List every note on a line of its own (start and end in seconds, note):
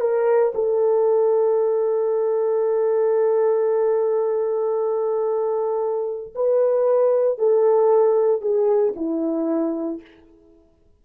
0.00 0.53 A#4
0.55 6.33 A4
6.35 7.38 B4
7.38 8.41 A4
8.41 8.94 G#4
8.96 10.01 E4